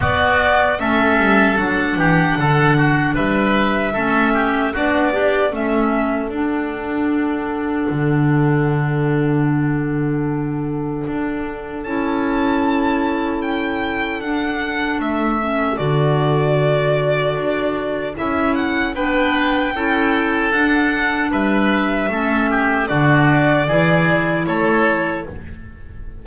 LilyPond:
<<
  \new Staff \with { instrumentName = "violin" } { \time 4/4 \tempo 4 = 76 d''4 e''4 fis''2 | e''2 d''4 e''4 | fis''1~ | fis''2. a''4~ |
a''4 g''4 fis''4 e''4 | d''2. e''8 fis''8 | g''2 fis''4 e''4~ | e''4 d''2 cis''4 | }
  \new Staff \with { instrumentName = "oboe" } { \time 4/4 fis'4 a'4. g'8 a'8 fis'8 | b'4 a'8 g'8 fis'8 d'8 a'4~ | a'1~ | a'1~ |
a'1~ | a'1 | b'4 a'2 b'4 | a'8 g'8 fis'4 gis'4 a'4 | }
  \new Staff \with { instrumentName = "clarinet" } { \time 4/4 b4 cis'4 d'2~ | d'4 cis'4 d'8 g'8 cis'4 | d'1~ | d'2. e'4~ |
e'2 d'4. cis'8 | fis'2. e'4 | d'4 e'4 d'2 | cis'4 d'4 e'2 | }
  \new Staff \with { instrumentName = "double bass" } { \time 4/4 b4 a8 g8 fis8 e8 d4 | g4 a4 b4 a4 | d'2 d2~ | d2 d'4 cis'4~ |
cis'2 d'4 a4 | d2 d'4 cis'4 | b4 cis'4 d'4 g4 | a4 d4 e4 a4 | }
>>